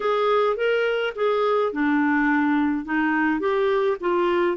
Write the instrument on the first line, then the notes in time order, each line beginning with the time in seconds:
clarinet
0.00 G#4
0.56 A#4
1.15 G#4
1.72 D4
2.85 D#4
3.40 G4
4.00 F4